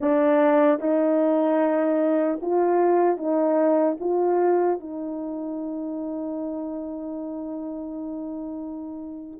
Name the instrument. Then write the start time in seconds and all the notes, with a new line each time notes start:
horn
0.00 D4
0.79 D#4
2.41 F4
3.17 D#4
4.00 F4
4.80 D#4